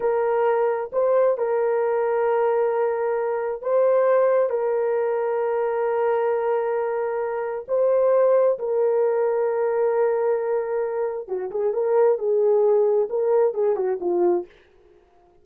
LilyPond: \new Staff \with { instrumentName = "horn" } { \time 4/4 \tempo 4 = 133 ais'2 c''4 ais'4~ | ais'1 | c''2 ais'2~ | ais'1~ |
ais'4 c''2 ais'4~ | ais'1~ | ais'4 fis'8 gis'8 ais'4 gis'4~ | gis'4 ais'4 gis'8 fis'8 f'4 | }